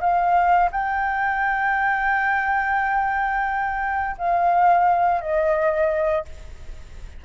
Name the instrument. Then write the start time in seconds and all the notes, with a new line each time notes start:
flute
0.00 F5
0.71 G5
4.18 F5
5.21 D#5